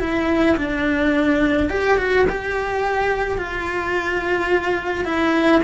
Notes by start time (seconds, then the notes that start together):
0.00 E4
0.57 D4
1.70 G4
1.98 F#4
2.29 G4
3.38 F4
5.05 E4